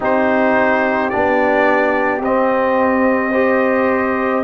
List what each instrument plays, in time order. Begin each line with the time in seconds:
0.00 tuba C4, trombone D#4, horn G4, trumpet C5
1.09 tuba B3, trombone D4, trumpet D5
2.20 tuba C4, trombone C4, trumpet D#5
3.31 trombone G4, horn C5